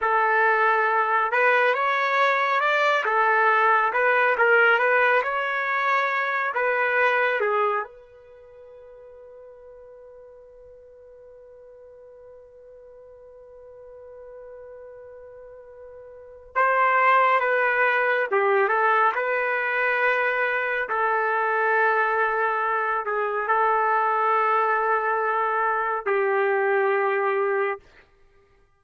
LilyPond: \new Staff \with { instrumentName = "trumpet" } { \time 4/4 \tempo 4 = 69 a'4. b'8 cis''4 d''8 a'8~ | a'8 b'8 ais'8 b'8 cis''4. b'8~ | b'8 gis'8 b'2.~ | b'1~ |
b'2. c''4 | b'4 g'8 a'8 b'2 | a'2~ a'8 gis'8 a'4~ | a'2 g'2 | }